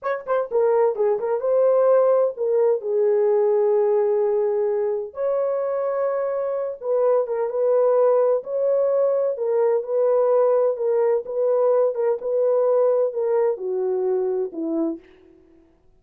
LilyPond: \new Staff \with { instrumentName = "horn" } { \time 4/4 \tempo 4 = 128 cis''8 c''8 ais'4 gis'8 ais'8 c''4~ | c''4 ais'4 gis'2~ | gis'2. cis''4~ | cis''2~ cis''8 b'4 ais'8 |
b'2 cis''2 | ais'4 b'2 ais'4 | b'4. ais'8 b'2 | ais'4 fis'2 e'4 | }